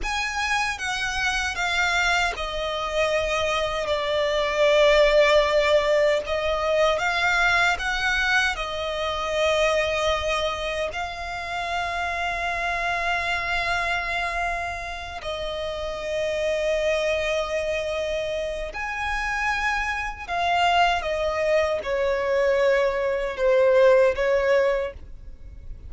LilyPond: \new Staff \with { instrumentName = "violin" } { \time 4/4 \tempo 4 = 77 gis''4 fis''4 f''4 dis''4~ | dis''4 d''2. | dis''4 f''4 fis''4 dis''4~ | dis''2 f''2~ |
f''2.~ f''8 dis''8~ | dis''1 | gis''2 f''4 dis''4 | cis''2 c''4 cis''4 | }